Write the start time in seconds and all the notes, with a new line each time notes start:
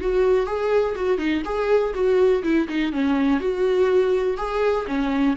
0.00 F#4
0.46 G#4
0.95 F#4
1.18 D#4
1.44 G#4
1.94 F#4
2.43 E4
2.68 D#4
2.92 C#4
3.40 F#4
4.37 G#4
4.87 C#4